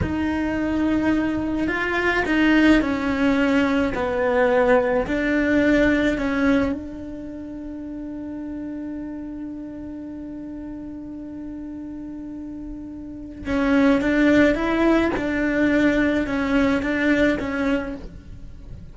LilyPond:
\new Staff \with { instrumentName = "cello" } { \time 4/4 \tempo 4 = 107 dis'2. f'4 | dis'4 cis'2 b4~ | b4 d'2 cis'4 | d'1~ |
d'1~ | d'1 | cis'4 d'4 e'4 d'4~ | d'4 cis'4 d'4 cis'4 | }